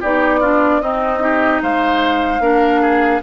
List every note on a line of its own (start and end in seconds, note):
0.00 0.80 B3
0.00 0.42 D#4
0.00 0.40 G4
0.00 0.81 D5
0.40 0.81 D4
0.40 0.80 F4
0.80 1.60 C4
0.80 1.19 C4
0.80 1.22 D#4
0.80 1.61 D#5
1.19 2.39 D#4
1.19 1.62 G4
1.62 2.39 G#3
1.62 2.42 C5
1.62 3.23 F5
2.39 3.19 A#3
2.39 3.21 D4
2.39 2.81 A#4
2.81 3.21 G#4